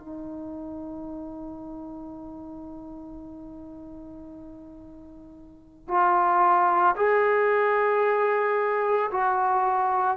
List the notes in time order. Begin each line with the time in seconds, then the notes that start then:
0.00 D#4
5.89 F4
6.96 G#4
9.12 F#4